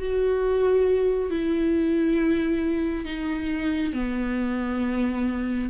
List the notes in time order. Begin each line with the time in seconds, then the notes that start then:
0.00 F#4
1.30 E4
3.05 D#4
3.93 B3